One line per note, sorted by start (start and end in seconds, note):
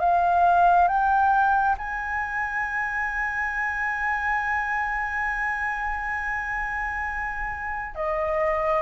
0.00 0.88 F5
0.88 1.76 G5
1.78 7.95 G#5
7.95 8.82 D#5